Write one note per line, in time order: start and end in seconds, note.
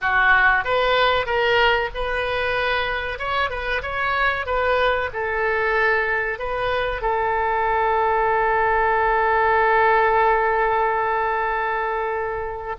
0.01 0.64 F#4
0.64 1.26 B4
1.26 1.89 A#4
1.94 3.19 B4
3.19 3.50 C#5
3.50 3.82 B4
3.82 4.46 C#5
4.46 5.09 B4
5.13 6.38 A4
6.38 7.01 B4
7.01 12.76 A4